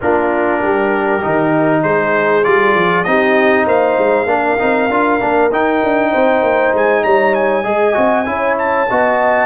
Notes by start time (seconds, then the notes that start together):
0.01 A#3 D4 F4 A#4
0.60 G3 G4
1.21 D#3 D#4
1.83 G#3 G#4 C5
2.44 G3 F4 D5
2.74 F3
3.04 C4 D#4 G4 D#5
3.65 A#3 C5 F5
3.98 G#3
4.25 A#3 D4 A#4
4.58 C4 D#4
4.90 D4 F4
5.20 A#3 D4
5.51 D#4 G5
5.83 D4
6.11 C4 C5
6.42 A#3
6.73 G#3 G#5
7.03 G3 C#5 A#5
7.34 G#5
7.63 G#3 G#4 D#5
7.94 C4 F#4
8.25 C#4 E4 C#5
8.58 A5
8.89 B3 F#4 D#5